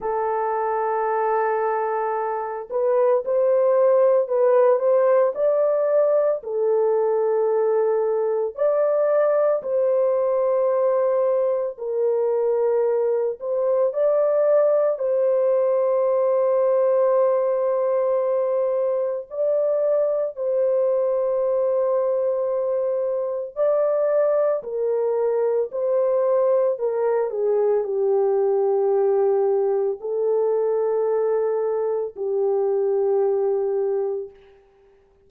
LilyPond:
\new Staff \with { instrumentName = "horn" } { \time 4/4 \tempo 4 = 56 a'2~ a'8 b'8 c''4 | b'8 c''8 d''4 a'2 | d''4 c''2 ais'4~ | ais'8 c''8 d''4 c''2~ |
c''2 d''4 c''4~ | c''2 d''4 ais'4 | c''4 ais'8 gis'8 g'2 | a'2 g'2 | }